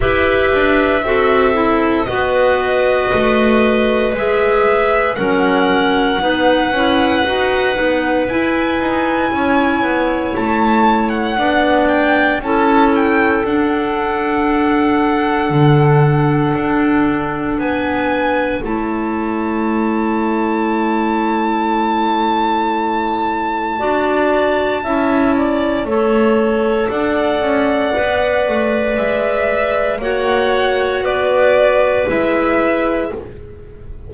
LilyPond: <<
  \new Staff \with { instrumentName = "violin" } { \time 4/4 \tempo 4 = 58 e''2 dis''2 | e''4 fis''2. | gis''2 a''8. fis''8. g''8 | a''8 g''8 fis''2.~ |
fis''4 gis''4 a''2~ | a''1~ | a''2 fis''2 | e''4 fis''4 d''4 e''4 | }
  \new Staff \with { instrumentName = "clarinet" } { \time 4/4 b'4 a'4 b'2~ | b'4 ais'4 b'2~ | b'4 cis''2 d''4 | a'1~ |
a'4 b'4 cis''2~ | cis''2. d''4 | e''8 d''8 cis''4 d''2~ | d''4 cis''4 b'2 | }
  \new Staff \with { instrumentName = "clarinet" } { \time 4/4 g'4 fis'8 e'8 fis'2 | gis'4 cis'4 dis'8 e'8 fis'8 dis'8 | e'2. d'4 | e'4 d'2.~ |
d'2 e'2~ | e'2. fis'4 | e'4 a'2 b'4~ | b'4 fis'2 e'4 | }
  \new Staff \with { instrumentName = "double bass" } { \time 4/4 e'8 d'8 c'4 b4 a4 | gis4 fis4 b8 cis'8 dis'8 b8 | e'8 dis'8 cis'8 b8 a4 b4 | cis'4 d'2 d4 |
d'4 b4 a2~ | a2. d'4 | cis'4 a4 d'8 cis'8 b8 a8 | gis4 ais4 b4 gis4 | }
>>